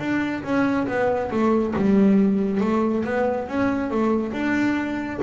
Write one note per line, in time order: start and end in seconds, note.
0.00 0.43 D4
0.44 0.87 C#4
0.88 1.31 B3
1.31 1.75 A3
1.76 2.61 G3
2.61 3.05 A3
3.05 3.48 B3
3.48 3.91 C#4
3.91 4.33 A3
4.33 5.20 D4